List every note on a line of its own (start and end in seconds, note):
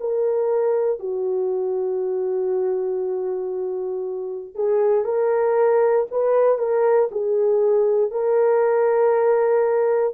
0.00 0.99 A#4
0.99 4.55 F#4
4.55 5.04 G#4
5.04 6.06 A#4
6.11 6.58 B4
6.58 7.09 A#4
7.11 8.11 G#4
8.11 10.14 A#4